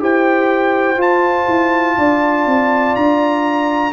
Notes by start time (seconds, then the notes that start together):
0.00 E4 G4 C5 G5
0.97 F4 A5
1.48 E4
1.98 D4 D5
2.46 C4
2.95 D4 A#5